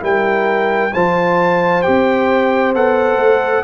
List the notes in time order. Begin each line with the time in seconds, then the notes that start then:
0.00 G3 E4 A#4 G5
0.94 F3 F4 C5 A5
1.83 C4 G4 G5
2.75 B3 A4 F#5
3.17 A3